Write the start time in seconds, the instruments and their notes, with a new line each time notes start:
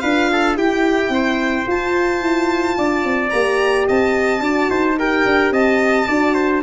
0.00 tuba D4, horn F4, trumpet B4, violin F5
0.32 trumpet A4
0.56 tuba E4, horn E4, trumpet G4, violin G5
1.08 tuba C4, trumpet C5
1.67 tuba F4, horn F4, violin A5
2.21 tuba E4
2.77 tuba D4, trumpet D5
3.04 tuba C4
3.29 tuba A#3, horn G4, violin A#5
3.87 tuba C4, trumpet D#5, violin A5
4.40 tuba D4, horn F#4, trumpet D5
4.69 tuba D#4, trumpet C5
4.98 horn G4, trumpet A#4, violin G5
5.25 tuba D4
5.51 tuba C4, trumpet D#5, violin A5
6.07 tuba D4, horn F#4, trumpet D5
6.34 trumpet C5